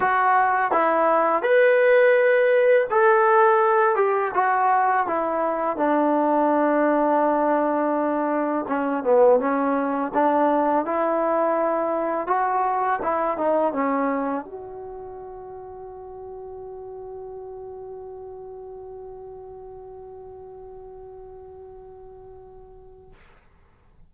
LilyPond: \new Staff \with { instrumentName = "trombone" } { \time 4/4 \tempo 4 = 83 fis'4 e'4 b'2 | a'4. g'8 fis'4 e'4 | d'1 | cis'8 b8 cis'4 d'4 e'4~ |
e'4 fis'4 e'8 dis'8 cis'4 | fis'1~ | fis'1~ | fis'1 | }